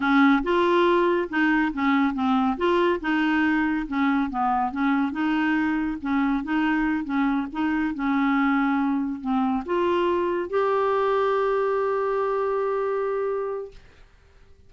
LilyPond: \new Staff \with { instrumentName = "clarinet" } { \time 4/4 \tempo 4 = 140 cis'4 f'2 dis'4 | cis'4 c'4 f'4 dis'4~ | dis'4 cis'4 b4 cis'4 | dis'2 cis'4 dis'4~ |
dis'8 cis'4 dis'4 cis'4.~ | cis'4. c'4 f'4.~ | f'8 g'2.~ g'8~ | g'1 | }